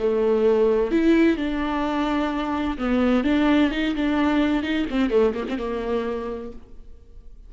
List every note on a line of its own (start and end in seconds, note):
0.00 0.92 A3
0.92 1.37 E4
1.37 2.78 D4
2.78 3.25 B3
3.25 3.72 D4
3.72 3.95 D#4
3.96 4.63 D4
4.63 4.87 D#4
4.91 5.11 C4
5.11 5.34 A3
5.35 5.46 A#3
5.49 5.58 C4
5.58 6.52 A#3